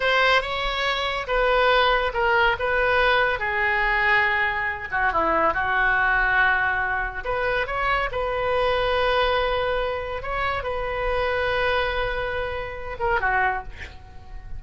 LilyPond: \new Staff \with { instrumentName = "oboe" } { \time 4/4 \tempo 4 = 141 c''4 cis''2 b'4~ | b'4 ais'4 b'2 | gis'2.~ gis'8 fis'8 | e'4 fis'2.~ |
fis'4 b'4 cis''4 b'4~ | b'1 | cis''4 b'2.~ | b'2~ b'8 ais'8 fis'4 | }